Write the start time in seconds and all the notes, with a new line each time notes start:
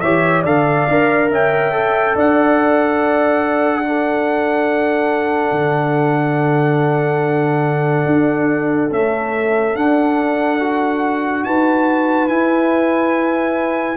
0.00 E3 G4 C#5 E5
0.42 D3 A4 D5 F5
0.88 D4 A#4
1.30 C#4 E5 G5
1.72 A4
2.15 D4 D5 F#5
3.83 D4 A4
5.51 D3
8.05 D4
8.91 A3 C#4 E5
9.75 D4 F#5
10.60 F#4
11.44 D#4 B4 A5
12.28 E4 G#5